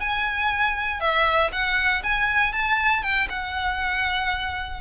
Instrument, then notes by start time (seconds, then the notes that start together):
violin
0.00 G#5
1.00 E5
1.52 F#5
2.03 G#5
2.53 A5
3.02 G5
3.29 F#5